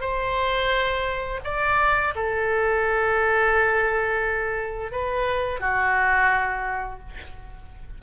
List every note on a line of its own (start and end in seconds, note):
0.00 1.40 C5
1.44 2.13 D5
2.15 4.91 A4
4.91 5.59 B4
5.59 6.99 F#4